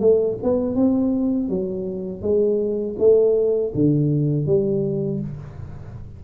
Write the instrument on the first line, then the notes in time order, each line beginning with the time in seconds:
tuba
0.00 A3
0.43 B3
0.75 C4
1.49 F#3
2.22 G#3
2.99 A3
3.75 D3
4.46 G3